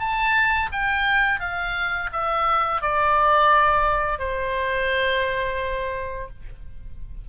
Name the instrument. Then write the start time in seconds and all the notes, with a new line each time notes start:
oboe
0.00 A5
0.72 G5
1.40 F5
2.13 E5
2.82 D5
4.19 C5